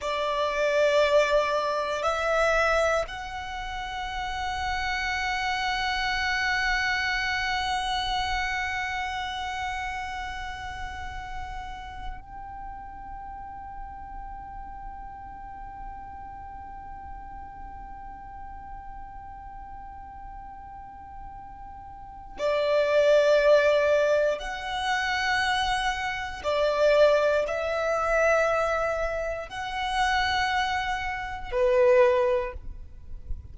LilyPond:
\new Staff \with { instrumentName = "violin" } { \time 4/4 \tempo 4 = 59 d''2 e''4 fis''4~ | fis''1~ | fis''1 | g''1~ |
g''1~ | g''2 d''2 | fis''2 d''4 e''4~ | e''4 fis''2 b'4 | }